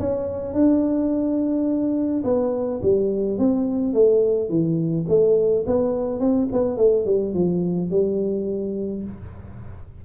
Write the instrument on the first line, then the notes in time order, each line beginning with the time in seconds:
tuba
0.00 C#4
0.54 D4
2.25 B3
2.83 G3
3.39 C4
3.94 A3
4.49 E3
5.09 A3
5.67 B3
6.20 C4
6.53 B3
6.78 A3
7.06 G3
7.35 F3
7.91 G3